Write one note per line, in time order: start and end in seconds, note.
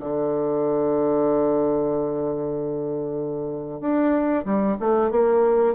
0.00 3.81 D3
3.81 4.45 D4
4.45 4.77 G3
4.80 5.11 A3
5.11 5.75 A#3